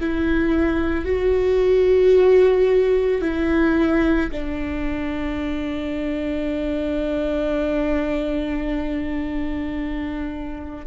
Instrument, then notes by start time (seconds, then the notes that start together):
viola
0.00 E4
1.05 F#4
3.21 E4
4.31 D4